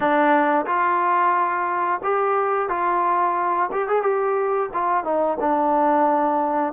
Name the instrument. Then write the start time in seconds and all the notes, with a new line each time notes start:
trombone
0.00 D4
0.66 F4
2.03 G4
2.68 F4
3.72 G4
3.88 G#4
4.02 G4
4.73 F4
5.03 D#4
5.40 D4